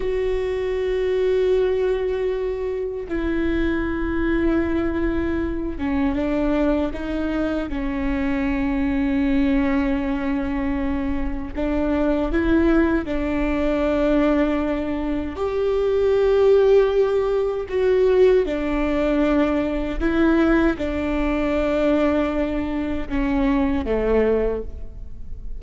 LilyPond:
\new Staff \with { instrumentName = "viola" } { \time 4/4 \tempo 4 = 78 fis'1 | e'2.~ e'8 cis'8 | d'4 dis'4 cis'2~ | cis'2. d'4 |
e'4 d'2. | g'2. fis'4 | d'2 e'4 d'4~ | d'2 cis'4 a4 | }